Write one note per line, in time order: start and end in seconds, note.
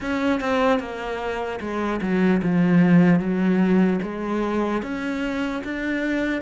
0.00 0.40 C#4
0.40 0.79 C4
0.79 1.59 A#3
1.60 2.00 G#3
2.01 2.41 F#3
2.42 3.19 F3
3.19 3.99 F#3
4.02 4.82 G#3
4.82 5.62 C#4
5.64 6.41 D4